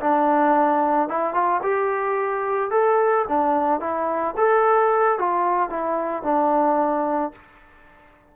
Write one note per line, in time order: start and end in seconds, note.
0.00 1.08 D4
1.08 1.33 E4
1.33 1.61 F4
1.62 2.70 G4
2.70 3.25 A4
3.28 3.80 D4
3.80 4.34 E4
4.37 5.18 A4
5.18 5.70 F4
5.70 6.23 E4
6.23 7.32 D4